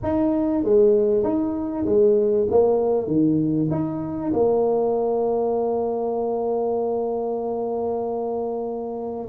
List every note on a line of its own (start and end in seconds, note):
0.03 0.64 D#4
0.64 1.23 G#3
1.23 1.85 D#4
1.85 2.47 G#3
2.50 3.07 A#3
3.07 3.69 D#3
3.71 4.32 D#4
4.33 9.28 A#3